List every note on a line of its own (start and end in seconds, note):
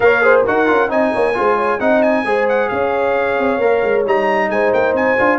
0.00 0.45 A#3
0.00 0.21 A#4
0.00 0.23 C#5
0.00 0.41 F5
0.21 0.44 G#4
0.21 0.45 C5
0.45 0.69 D#4
0.45 0.66 F#4
0.45 0.89 A#4
0.45 0.90 F#5
0.66 0.89 C#4
0.66 0.88 F4
0.88 1.12 C4
0.88 1.33 D#4
0.88 1.12 D#5
0.88 1.80 G#5
1.13 1.37 A#3
1.13 1.35 C#5
1.34 1.80 G#3
1.34 1.79 F4
1.34 1.56 C5
1.56 1.78 C#5
1.80 2.24 C4
1.80 2.25 D#4
1.80 2.25 D#5
1.80 2.02 F#5
2.02 2.47 G#5
2.24 2.69 G#3
2.24 3.60 G#4
2.24 2.71 C5
2.48 2.68 F#5
2.68 3.39 C#4
2.68 4.51 C#5
2.68 4.04 F5
3.39 3.58 C4
3.58 3.80 A#3
3.58 4.05 A#4
3.83 4.05 G#3
4.05 4.49 G3
4.05 5.18 D#4
4.05 4.50 A#5
4.49 4.72 G#3
4.49 5.39 C5
4.49 4.73 G#5
4.73 4.93 A#3
4.73 4.95 G5
4.93 5.16 C4
4.93 5.39 G#5
5.18 5.39 D4
5.18 5.39 F4